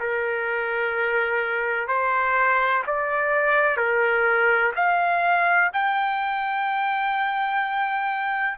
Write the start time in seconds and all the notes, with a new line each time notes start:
0.00 A#4
1.88 C5
2.87 D5
3.77 A#4
4.76 F5
5.73 G5